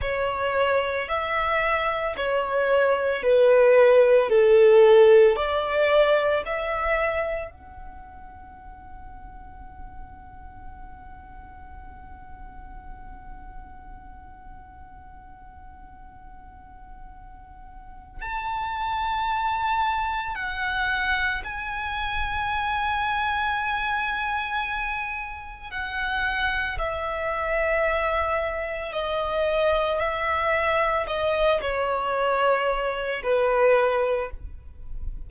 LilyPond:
\new Staff \with { instrumentName = "violin" } { \time 4/4 \tempo 4 = 56 cis''4 e''4 cis''4 b'4 | a'4 d''4 e''4 fis''4~ | fis''1~ | fis''1~ |
fis''4 a''2 fis''4 | gis''1 | fis''4 e''2 dis''4 | e''4 dis''8 cis''4. b'4 | }